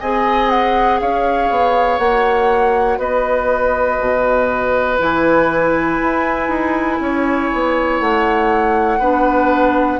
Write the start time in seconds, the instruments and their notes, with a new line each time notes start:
0.00 bassoon C4, clarinet G#4, oboe D#5, flute G#5
0.50 flute F#5
1.00 bassoon C#4, oboe C#5, flute F5
1.50 bassoon B3
1.98 bassoon A#3, clarinet F#4, flute F#5
2.98 bassoon B3, oboe B4, flute D#5
4.00 bassoon B2
4.99 bassoon E3, clarinet E4, flute G#5
6.01 bassoon E4
6.48 bassoon D#4
7.00 bassoon C#4, oboe C#5
7.53 bassoon B3
8.00 bassoon A3, flute F#5
8.99 bassoon B3, clarinet D4, oboe B4